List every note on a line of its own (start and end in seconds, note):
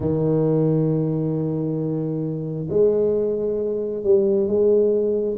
0.00 2.68 D#3
2.69 4.03 G#3
4.03 4.47 G3
4.47 5.36 G#3